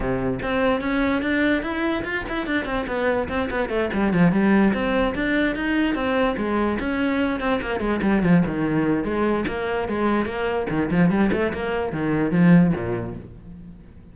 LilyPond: \new Staff \with { instrumentName = "cello" } { \time 4/4 \tempo 4 = 146 c4 c'4 cis'4 d'4 | e'4 f'8 e'8 d'8 c'8 b4 | c'8 b8 a8 g8 f8 g4 c'8~ | c'8 d'4 dis'4 c'4 gis8~ |
gis8 cis'4. c'8 ais8 gis8 g8 | f8 dis4. gis4 ais4 | gis4 ais4 dis8 f8 g8 a8 | ais4 dis4 f4 ais,4 | }